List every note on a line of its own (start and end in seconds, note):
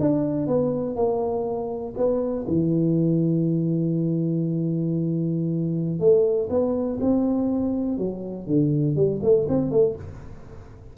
0.00 0.47 D4
0.47 0.96 B3
0.96 1.94 A#3
1.97 2.46 B3
2.48 6.00 E3
6.00 6.49 A3
6.50 6.99 B3
7.01 7.98 C4
7.98 8.47 F#3
8.47 8.96 D3
8.96 9.21 G3
9.23 9.47 A3
9.49 9.71 C4
9.71 9.96 A3